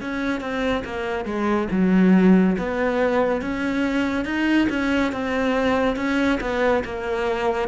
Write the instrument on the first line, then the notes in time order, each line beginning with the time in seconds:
cello
0.00 C#4
0.40 C4
0.84 A#3
1.25 G#3
1.71 F#3
2.58 B3
3.41 C#4
4.25 D#4
4.69 C#4
5.12 C4
5.96 C#4
6.40 B3
6.84 A#3